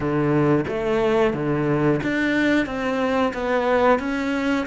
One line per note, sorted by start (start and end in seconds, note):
0.00 0.65 D3
0.68 1.33 A3
1.33 2.00 D3
2.03 2.66 D4
2.66 3.32 C4
3.33 3.99 B3
3.99 4.65 C#4